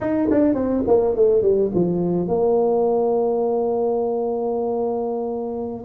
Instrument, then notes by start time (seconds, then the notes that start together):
tuba
0.00 D#4
0.30 D4
0.54 C4
0.87 A#3
1.15 A3
1.42 G3
1.74 F3
2.27 A#3